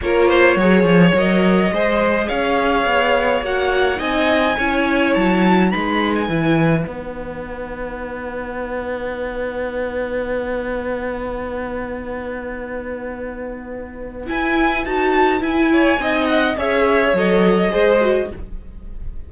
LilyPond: <<
  \new Staff \with { instrumentName = "violin" } { \time 4/4 \tempo 4 = 105 cis''2 dis''2 | f''2 fis''4 gis''4~ | gis''4 a''4 b''8. gis''4~ gis''16 | fis''1~ |
fis''1~ | fis''1~ | fis''4 gis''4 a''4 gis''4~ | gis''8 fis''8 e''4 dis''2 | }
  \new Staff \with { instrumentName = "violin" } { \time 4/4 ais'8 c''8 cis''2 c''4 | cis''2. dis''4 | cis''2 b'2~ | b'1~ |
b'1~ | b'1~ | b'2.~ b'8 cis''8 | dis''4 cis''2 c''4 | }
  \new Staff \with { instrumentName = "viola" } { \time 4/4 f'4 gis'4 ais'4 gis'4~ | gis'2 fis'4 dis'4 | e'2 dis'4 e'4 | dis'1~ |
dis'1~ | dis'1~ | dis'4 e'4 fis'4 e'4 | dis'4 gis'4 a'4 gis'8 fis'8 | }
  \new Staff \with { instrumentName = "cello" } { \time 4/4 ais4 fis8 f8 fis4 gis4 | cis'4 b4 ais4 c'4 | cis'4 fis4 gis4 e4 | b1~ |
b1~ | b1~ | b4 e'4 dis'4 e'4 | c'4 cis'4 fis4 gis4 | }
>>